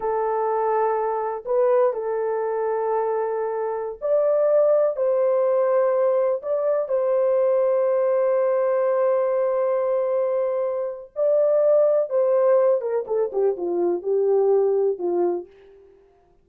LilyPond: \new Staff \with { instrumentName = "horn" } { \time 4/4 \tempo 4 = 124 a'2. b'4 | a'1~ | a'16 d''2 c''4.~ c''16~ | c''4~ c''16 d''4 c''4.~ c''16~ |
c''1~ | c''2. d''4~ | d''4 c''4. ais'8 a'8 g'8 | f'4 g'2 f'4 | }